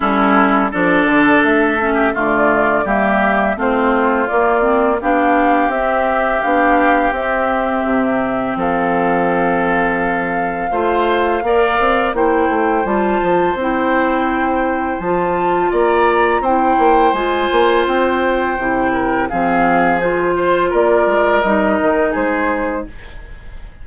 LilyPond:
<<
  \new Staff \with { instrumentName = "flute" } { \time 4/4 \tempo 4 = 84 a'4 d''4 e''4 d''4 | e''4 c''4 d''4 f''4 | e''4 f''4 e''2 | f''1~ |
f''4 g''4 a''4 g''4~ | g''4 a''4 ais''4 g''4 | gis''4 g''2 f''4 | c''4 d''4 dis''4 c''4 | }
  \new Staff \with { instrumentName = "oboe" } { \time 4/4 e'4 a'4.~ a'16 g'16 f'4 | g'4 f'2 g'4~ | g'1 | a'2. c''4 |
d''4 c''2.~ | c''2 d''4 c''4~ | c''2~ c''8 ais'8 gis'4~ | gis'8 c''8 ais'2 gis'4 | }
  \new Staff \with { instrumentName = "clarinet" } { \time 4/4 cis'4 d'4. cis'8 a4 | ais4 c'4 ais8 c'8 d'4 | c'4 d'4 c'2~ | c'2. f'4 |
ais'4 e'4 f'4 e'4~ | e'4 f'2 e'4 | f'2 e'4 c'4 | f'2 dis'2 | }
  \new Staff \with { instrumentName = "bassoon" } { \time 4/4 g4 f8 d8 a4 d4 | g4 a4 ais4 b4 | c'4 b4 c'4 c4 | f2. a4 |
ais8 c'8 ais8 a8 g8 f8 c'4~ | c'4 f4 ais4 c'8 ais8 | gis8 ais8 c'4 c4 f4~ | f4 ais8 gis8 g8 dis8 gis4 | }
>>